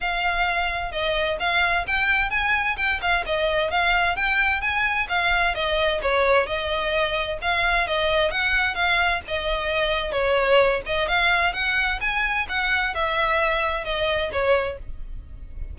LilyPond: \new Staff \with { instrumentName = "violin" } { \time 4/4 \tempo 4 = 130 f''2 dis''4 f''4 | g''4 gis''4 g''8 f''8 dis''4 | f''4 g''4 gis''4 f''4 | dis''4 cis''4 dis''2 |
f''4 dis''4 fis''4 f''4 | dis''2 cis''4. dis''8 | f''4 fis''4 gis''4 fis''4 | e''2 dis''4 cis''4 | }